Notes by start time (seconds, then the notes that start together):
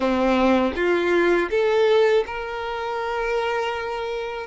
0.00 C4
0.75 F4
1.50 A4
2.26 A#4